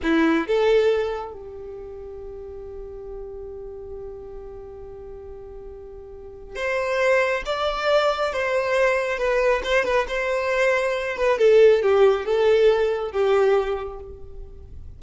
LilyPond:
\new Staff \with { instrumentName = "violin" } { \time 4/4 \tempo 4 = 137 e'4 a'2 g'4~ | g'1~ | g'1~ | g'2. c''4~ |
c''4 d''2 c''4~ | c''4 b'4 c''8 b'8 c''4~ | c''4. b'8 a'4 g'4 | a'2 g'2 | }